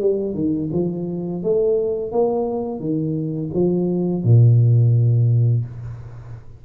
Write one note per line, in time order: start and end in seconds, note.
0.00 0.34 G3
0.34 0.69 D#3
0.73 1.43 F3
1.43 2.11 A3
2.11 2.79 A#3
2.79 3.50 D#3
3.54 4.24 F3
4.24 5.65 A#2